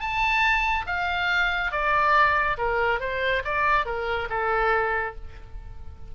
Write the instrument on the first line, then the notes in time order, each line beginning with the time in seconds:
oboe
0.00 A5
0.86 F5
1.72 D5
2.58 A#4
3.00 C5
3.44 D5
3.86 A#4
4.30 A4